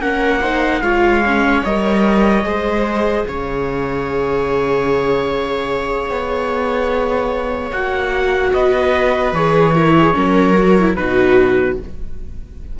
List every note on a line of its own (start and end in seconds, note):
0.00 0.81 A#3
0.00 0.42 C#4
0.00 0.41 A#4
0.00 0.82 F#5
0.41 0.83 D#4
0.41 0.81 C5
0.81 1.62 G#3
0.81 1.23 F4
0.81 2.45 C#5
0.81 1.63 F5
1.26 1.66 C#4
1.64 2.44 G3
1.64 2.43 A#4
1.64 3.26 D#5
2.43 3.25 G#3
2.43 7.70 G#4
2.43 3.26 C5
3.26 6.10 C#3
3.26 8.55 C#5
3.26 7.72 F5
6.10 7.71 B3
7.71 8.52 A#3
7.71 9.35 F#4
7.71 8.53 F#5
8.53 9.32 B3
8.53 9.75 B4
8.53 9.34 D#5
9.32 10.14 E3
9.32 9.75 G#4
9.32 10.95 C#5
9.75 10.14 E4
9.75 9.95 A#4
9.97 10.16 G#4
10.14 10.98 F#3
10.14 10.54 C#4
10.14 10.97 A#4
10.58 10.79 F#4
10.79 10.97 E4
10.95 11.80 B2
10.95 11.78 D#4
10.95 11.79 F#4
10.95 11.76 B4